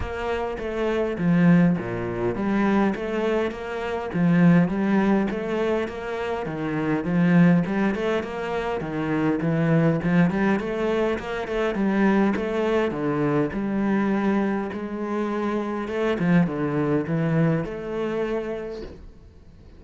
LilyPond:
\new Staff \with { instrumentName = "cello" } { \time 4/4 \tempo 4 = 102 ais4 a4 f4 ais,4 | g4 a4 ais4 f4 | g4 a4 ais4 dis4 | f4 g8 a8 ais4 dis4 |
e4 f8 g8 a4 ais8 a8 | g4 a4 d4 g4~ | g4 gis2 a8 f8 | d4 e4 a2 | }